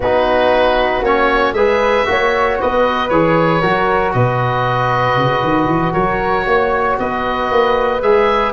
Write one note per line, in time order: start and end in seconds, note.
0.00 1.01 B3
0.00 1.03 D#4
0.00 1.55 F#4
0.00 1.04 B4
1.01 1.52 A#3
1.01 1.55 C#4
1.01 1.53 C#5
1.52 2.04 G#3
1.52 2.05 G#4
1.52 2.07 B4
1.52 2.56 E5
2.05 2.60 A#3
2.05 3.09 F#4
2.05 2.60 C#5
2.60 3.10 B3
2.60 3.61 B4
2.60 3.09 D#5
3.09 3.62 E3
3.09 3.62 G#4
3.09 4.12 C#5
3.61 4.14 F#3
3.61 8.01 F#4
3.61 4.13 A#4
4.12 5.17 B2
4.12 5.92 B4
4.12 5.93 D#5
5.17 5.43 C#3
5.43 5.66 D#3
5.66 5.91 E3
5.92 6.46 F#3
5.92 6.44 A#4
5.92 6.96 C#5
6.46 6.97 A#3
6.46 6.99 C#5
6.99 7.51 B3
6.99 8.53 B4
6.99 8.02 D#5
7.51 8.02 A#3
8.02 8.53 G#3
8.02 8.53 G#4
8.02 8.53 E5